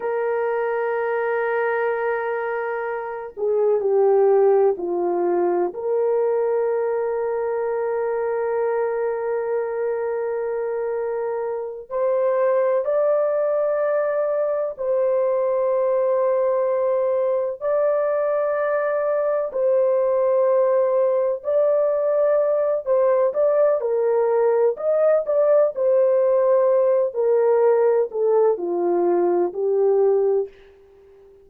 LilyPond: \new Staff \with { instrumentName = "horn" } { \time 4/4 \tempo 4 = 63 ais'2.~ ais'8 gis'8 | g'4 f'4 ais'2~ | ais'1~ | ais'8 c''4 d''2 c''8~ |
c''2~ c''8 d''4.~ | d''8 c''2 d''4. | c''8 d''8 ais'4 dis''8 d''8 c''4~ | c''8 ais'4 a'8 f'4 g'4 | }